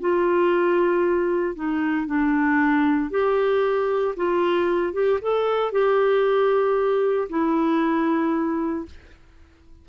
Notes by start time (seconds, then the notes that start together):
0.00 F4
1.55 D#4
2.06 D4
3.11 G4
4.16 F4
4.93 G4
5.22 A4
5.72 G4
7.29 E4